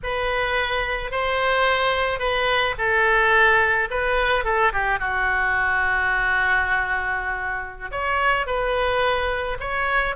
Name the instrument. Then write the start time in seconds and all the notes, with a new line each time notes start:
oboe
0.03 B4
1.11 C5
2.19 B4
2.78 A4
3.90 B4
4.44 A4
4.72 G4
4.98 F#4
7.91 C#5
8.46 B4
9.60 C#5